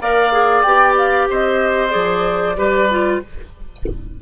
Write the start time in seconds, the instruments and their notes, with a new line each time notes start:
0.00 bassoon A#3, clarinet A#4, oboe D5, flute F5
0.32 clarinet G#4
0.62 bassoon B3, clarinet G4, flute G5
0.97 flute F5
1.29 bassoon C4, oboe C5, flute D#5
1.90 bassoon F3, clarinet G#4, flute D5
2.56 bassoon G3, clarinet G4, oboe B4
2.90 clarinet F4